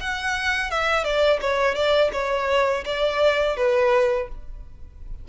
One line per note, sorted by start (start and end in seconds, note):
0.00 0.70 F#5
0.70 1.04 E5
1.04 1.40 D5
1.41 1.75 C#5
1.75 2.10 D5
2.13 2.84 C#5
2.85 3.56 D5
3.56 4.28 B4